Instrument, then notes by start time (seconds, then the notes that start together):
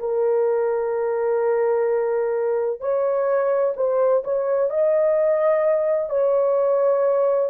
horn
0.00 A#4
2.81 C#5
3.77 C5
4.24 C#5
4.70 D#5
6.10 C#5